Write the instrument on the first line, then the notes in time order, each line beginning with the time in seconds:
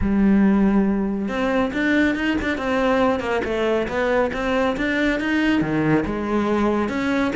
cello
0.01 G3
1.28 C4
1.73 D4
2.15 D#4
2.41 D4
2.57 C4
3.20 A#3
3.44 A3
3.88 B3
4.33 C4
4.76 D4
5.20 D#4
5.61 D#3
6.05 G#3
6.88 C#4